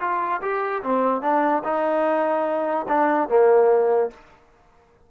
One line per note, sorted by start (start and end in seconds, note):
0.00 0.41 F4
0.42 0.82 G4
0.83 1.22 C4
1.22 1.63 D4
1.64 2.86 D#4
2.88 3.29 D4
3.29 4.10 A#3